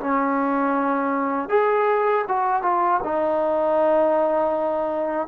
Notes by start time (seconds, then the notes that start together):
0.00 C#4
1.49 G#4
2.28 F#4
2.62 F4
3.04 D#4